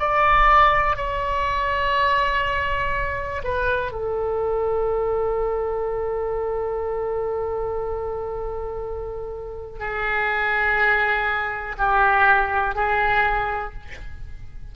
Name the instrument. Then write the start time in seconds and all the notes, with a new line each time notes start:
oboe
0.00 D5
0.97 C#5
3.44 B4
3.92 A4
9.80 G#4
11.78 G4
12.75 G#4